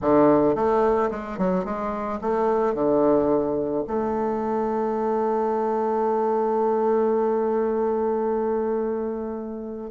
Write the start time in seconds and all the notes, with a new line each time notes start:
0.01 D3
0.55 A3
1.10 G#3
1.38 F#3
1.64 G#3
2.21 A3
2.74 D3
3.87 A3